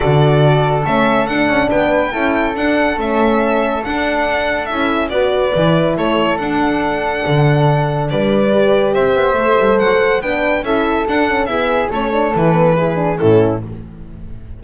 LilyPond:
<<
  \new Staff \with { instrumentName = "violin" } { \time 4/4 \tempo 4 = 141 d''2 e''4 fis''4 | g''2 fis''4 e''4~ | e''4 fis''2 e''4 | d''2 cis''4 fis''4~ |
fis''2. d''4~ | d''4 e''2 fis''4 | g''4 e''4 fis''4 e''4 | cis''4 b'2 a'4 | }
  \new Staff \with { instrumentName = "flute" } { \time 4/4 a'1 | b'4 a'2.~ | a'1 | b'2 a'2~ |
a'2. b'4~ | b'4 c''2. | b'4 a'2 gis'4 | a'2 gis'4 e'4 | }
  \new Staff \with { instrumentName = "horn" } { \time 4/4 fis'2 cis'4 d'4~ | d'4 e'4 d'4 cis'4~ | cis'4 d'2 e'4 | fis'4 e'2 d'4~ |
d'1 | g'2 a'2 | d'4 e'4 d'8 cis'8 b4 | cis'8 d'8 e'8 b8 e'8 d'8 cis'4 | }
  \new Staff \with { instrumentName = "double bass" } { \time 4/4 d2 a4 d'8 cis'8 | b4 cis'4 d'4 a4~ | a4 d'2 cis'4 | b4 e4 a4 d'4~ |
d'4 d2 g4~ | g4 c'8 b8 a8 g8 fis4 | b4 cis'4 d'4 e'4 | a4 e2 a,4 | }
>>